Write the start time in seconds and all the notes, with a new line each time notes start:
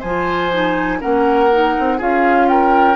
0.00 F3 F4 C5 G#5
0.52 D#4
1.00 A#3 C#4 A#4 F#5
1.52 D#4
1.79 C4
1.98 C#4 F4 G#4 F5
2.48 A#4 G5